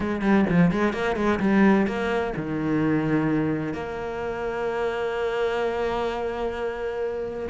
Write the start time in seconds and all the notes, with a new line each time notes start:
0.00 G#3
0.21 G3
0.49 F3
0.71 G#3
0.93 A#3
1.15 G#3
1.39 G3
1.86 A#3
2.36 D#3
3.73 A#3